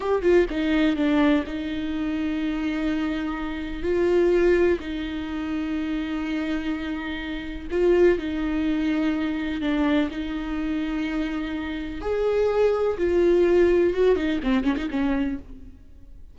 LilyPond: \new Staff \with { instrumentName = "viola" } { \time 4/4 \tempo 4 = 125 g'8 f'8 dis'4 d'4 dis'4~ | dis'1 | f'2 dis'2~ | dis'1 |
f'4 dis'2. | d'4 dis'2.~ | dis'4 gis'2 f'4~ | f'4 fis'8 dis'8 c'8 cis'16 dis'16 cis'4 | }